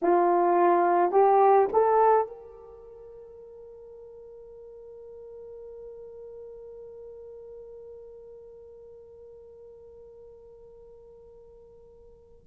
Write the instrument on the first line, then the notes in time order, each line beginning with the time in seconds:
horn
0.02 F4
1.11 G4
1.72 A4
2.27 A#4